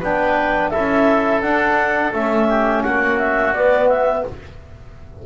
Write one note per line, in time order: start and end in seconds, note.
0.00 0.74 B3
0.00 0.73 D4
0.00 0.71 B4
0.00 0.70 G5
0.70 1.43 C#4
0.70 1.43 E4
0.70 2.48 A4
0.70 1.41 E5
1.42 2.13 D4
1.42 2.14 D4
1.42 2.13 F#5
2.13 2.84 A3
2.13 3.56 C#4
2.13 2.83 E5
2.49 2.84 G4
2.83 3.53 A#3
2.83 4.25 F#4
2.83 3.18 F#5
3.18 3.54 E5
3.53 4.24 B3
3.53 4.26 B3
3.53 3.89 D5
3.89 4.24 E5